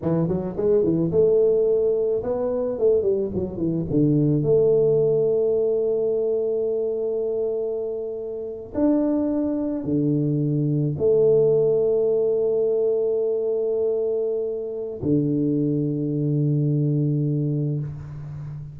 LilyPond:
\new Staff \with { instrumentName = "tuba" } { \time 4/4 \tempo 4 = 108 e8 fis8 gis8 e8 a2 | b4 a8 g8 fis8 e8 d4 | a1~ | a2.~ a8. d'16~ |
d'4.~ d'16 d2 a16~ | a1~ | a2. d4~ | d1 | }